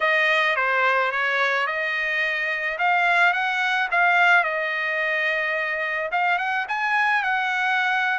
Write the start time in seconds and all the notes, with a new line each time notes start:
0.00 D#5
0.56 C5
1.11 C#5
1.66 D#5
2.78 F5
3.33 F#5
3.91 F5
4.43 D#5
6.11 F5
6.38 F#5
6.68 G#5
7.23 F#5